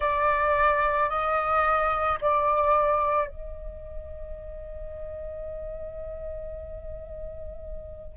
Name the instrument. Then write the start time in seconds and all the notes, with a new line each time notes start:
flute
0.00 D5
1.09 D#5
2.21 D5
3.27 D#5